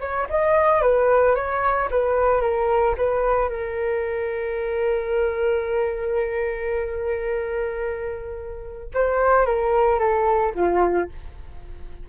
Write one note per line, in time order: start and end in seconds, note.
0.00 0.27 C#5
0.29 0.82 D#5
0.82 1.35 B4
1.35 1.89 C#5
1.91 2.41 B4
2.41 2.95 A#4
2.97 3.49 B4
3.49 8.89 A#4
8.94 9.46 C5
9.46 9.99 A#4
9.99 10.53 A4
10.55 11.09 F4